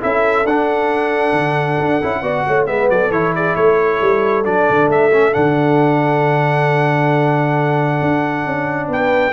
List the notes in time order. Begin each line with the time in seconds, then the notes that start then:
0.00 C#4 E4 A4 E5
0.44 D4 F#5
1.32 D3
1.79 D4
2.02 C#4 E4
2.21 B3 F#4 D5
2.46 A3 C#5
2.66 G#3 B3 B4 E5
2.89 F#3 A4 D5
3.11 E3 E4 C#5
3.35 G#4 D5
3.55 A3 A4 C#5
4.00 G3
4.44 F#3 D4 D5
4.69 D3
4.87 A3 E5
5.12 C#4
5.32 D3 D4 F#5
8.01 D4
8.45 C#4
8.88 B3 B4 G5